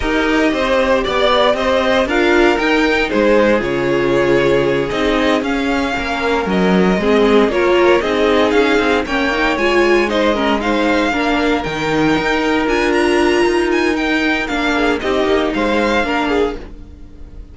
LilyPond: <<
  \new Staff \with { instrumentName = "violin" } { \time 4/4 \tempo 4 = 116 dis''2 d''4 dis''4 | f''4 g''4 c''4 cis''4~ | cis''4. dis''4 f''4.~ | f''8 dis''2 cis''4 dis''8~ |
dis''8 f''4 g''4 gis''4 dis''8~ | dis''8 f''2 g''4.~ | g''8 gis''8 ais''4. gis''8 g''4 | f''4 dis''4 f''2 | }
  \new Staff \with { instrumentName = "violin" } { \time 4/4 ais'4 c''4 d''4 c''4 | ais'2 gis'2~ | gis'2.~ gis'8 ais'8~ | ais'4. gis'4 ais'4 gis'8~ |
gis'4. cis''2 c''8 | ais'8 c''4 ais'2~ ais'8~ | ais'1~ | ais'8 gis'8 g'4 c''4 ais'8 gis'8 | }
  \new Staff \with { instrumentName = "viola" } { \time 4/4 g'1 | f'4 dis'2 f'4~ | f'4. dis'4 cis'4.~ | cis'4. c'4 f'4 dis'8~ |
dis'4. cis'8 dis'8 f'4 dis'8 | cis'8 dis'4 d'4 dis'4.~ | dis'8 f'2~ f'8 dis'4 | d'4 dis'2 d'4 | }
  \new Staff \with { instrumentName = "cello" } { \time 4/4 dis'4 c'4 b4 c'4 | d'4 dis'4 gis4 cis4~ | cis4. c'4 cis'4 ais8~ | ais8 fis4 gis4 ais4 c'8~ |
c'8 cis'8 c'8 ais4 gis4.~ | gis4. ais4 dis4 dis'8~ | dis'8 d'4. dis'2 | ais4 c'8 ais8 gis4 ais4 | }
>>